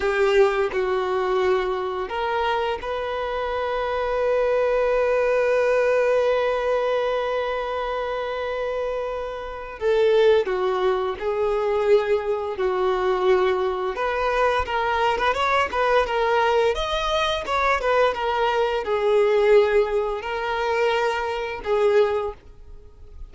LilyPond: \new Staff \with { instrumentName = "violin" } { \time 4/4 \tempo 4 = 86 g'4 fis'2 ais'4 | b'1~ | b'1~ | b'2 a'4 fis'4 |
gis'2 fis'2 | b'4 ais'8. b'16 cis''8 b'8 ais'4 | dis''4 cis''8 b'8 ais'4 gis'4~ | gis'4 ais'2 gis'4 | }